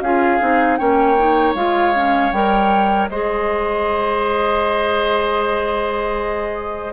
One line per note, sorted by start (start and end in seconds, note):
0.00 0.38 C#4
0.00 0.40 F4
0.00 0.78 G#4
0.00 0.76 F5
0.40 0.80 C4
0.40 0.78 D#4
0.76 1.54 A#3
0.76 1.16 C#4
0.76 3.09 C#5
0.76 1.53 G5
1.17 1.56 D#4
1.54 2.31 G#3
1.54 1.94 F4
1.54 2.31 F5
1.94 2.32 C#4
2.31 3.08 G3
2.31 3.10 A#4
2.31 3.08 G5
3.09 6.92 G#3
3.09 6.92 G#4
3.09 6.92 C5
3.09 6.92 D#5